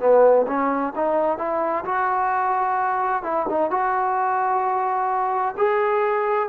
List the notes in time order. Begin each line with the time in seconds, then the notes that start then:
0.00 B3
0.48 C#4
0.96 D#4
1.38 E4
1.85 F#4
3.23 E4
3.50 D#4
3.71 F#4
5.58 G#4